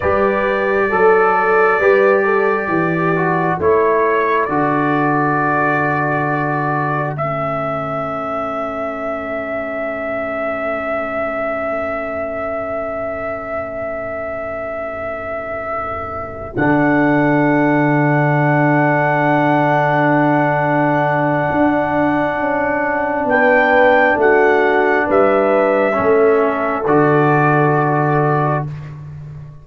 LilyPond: <<
  \new Staff \with { instrumentName = "trumpet" } { \time 4/4 \tempo 4 = 67 d''1 | cis''4 d''2. | e''1~ | e''1~ |
e''2~ e''8 fis''4.~ | fis''1~ | fis''2 g''4 fis''4 | e''2 d''2 | }
  \new Staff \with { instrumentName = "horn" } { \time 4/4 b'4 a'4 b'8 a'8 g'4 | a'1~ | a'1~ | a'1~ |
a'1~ | a'1~ | a'2 b'4 fis'4 | b'4 a'2. | }
  \new Staff \with { instrumentName = "trombone" } { \time 4/4 g'4 a'4 g'4. fis'8 | e'4 fis'2. | cis'1~ | cis'1~ |
cis'2~ cis'8 d'4.~ | d'1~ | d'1~ | d'4 cis'4 fis'2 | }
  \new Staff \with { instrumentName = "tuba" } { \time 4/4 g4 fis4 g4 e4 | a4 d2. | a1~ | a1~ |
a2~ a8 d4.~ | d1 | d'4 cis'4 b4 a4 | g4 a4 d2 | }
>>